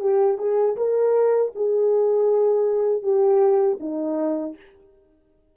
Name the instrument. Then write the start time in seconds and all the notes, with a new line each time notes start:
horn
0.00 G4
0.38 G#4
0.76 A#4
1.55 G#4
3.02 G4
3.80 D#4